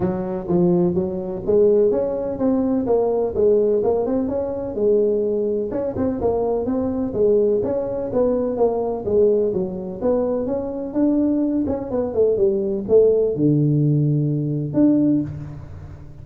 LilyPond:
\new Staff \with { instrumentName = "tuba" } { \time 4/4 \tempo 4 = 126 fis4 f4 fis4 gis4 | cis'4 c'4 ais4 gis4 | ais8 c'8 cis'4 gis2 | cis'8 c'8 ais4 c'4 gis4 |
cis'4 b4 ais4 gis4 | fis4 b4 cis'4 d'4~ | d'8 cis'8 b8 a8 g4 a4 | d2. d'4 | }